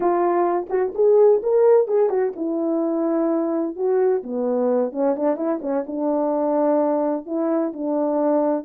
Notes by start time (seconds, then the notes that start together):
0.00 F4
0.69 F#4
0.95 G#4
1.43 A#4
1.87 G#4
2.09 F#4
2.36 E4
3.76 F#4
4.23 B3
4.92 C#4
5.16 D4
5.36 E4
5.61 C#4
5.87 D4
7.25 E4
7.73 D4